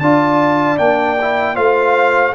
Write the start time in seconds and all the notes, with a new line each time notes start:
0.00 D4 F4 D5 A5
0.78 A#3 D4 G5
1.22 E4
1.55 A3 F4 C5 F5